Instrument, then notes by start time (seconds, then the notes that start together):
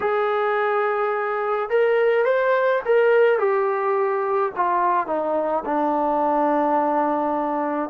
trombone
0.00 G#4
1.69 A#4
2.25 C5
2.85 A#4
3.38 G4
4.55 F4
5.07 D#4
5.65 D4